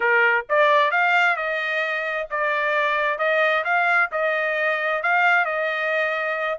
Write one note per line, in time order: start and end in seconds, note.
0.00 0.45 A#4
0.49 0.91 D5
0.91 1.36 F5
1.36 2.27 D#5
2.30 3.18 D5
3.18 3.63 D#5
3.64 4.10 F5
4.11 5.02 D#5
5.02 5.45 F5
5.45 6.58 D#5